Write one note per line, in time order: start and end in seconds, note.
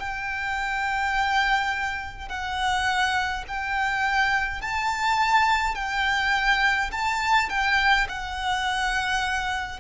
0.00 2.29 G5
2.29 3.45 F#5
3.48 4.62 G5
4.62 5.75 A5
5.75 6.91 G5
6.92 7.49 A5
7.49 8.07 G5
8.09 9.80 F#5